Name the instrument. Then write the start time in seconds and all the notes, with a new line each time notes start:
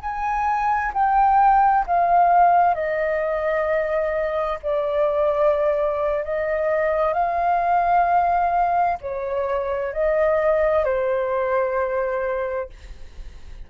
flute
0.00 G#5
0.93 G5
1.87 F5
2.74 D#5
4.62 D5
6.24 D#5
7.13 F5
9.01 C#5
9.93 D#5
10.85 C5